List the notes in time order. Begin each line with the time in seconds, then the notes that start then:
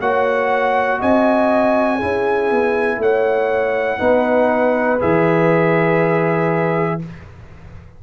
0.00 A#3 F#4 C#5 F#5
1.00 C4 D#5 G#5
1.96 E4 G#4
2.02 C#4
2.51 B3
2.98 A3 C#5 F#5
3.99 B3 D#4 B4
4.99 E3 G#4 E5